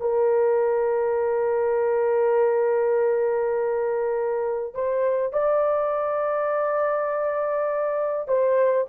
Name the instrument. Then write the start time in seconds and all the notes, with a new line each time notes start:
horn
0.00 A#4
4.74 C5
5.32 D5
8.27 C5